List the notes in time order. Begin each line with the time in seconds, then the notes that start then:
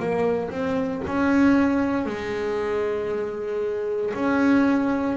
0.00 A#3
0.50 C4
1.07 C#4
2.06 G#3
4.14 C#4